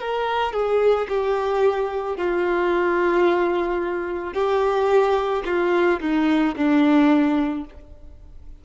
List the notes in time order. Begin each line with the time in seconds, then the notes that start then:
0.00 A#4
0.53 G#4
1.09 G4
2.17 F4
4.33 G4
5.45 F4
6.00 D#4
6.56 D4